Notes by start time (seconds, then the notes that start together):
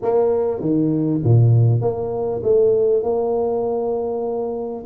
0.02 A#3
0.60 D#3
1.24 A#2
1.81 A#3
2.43 A3
3.03 A#3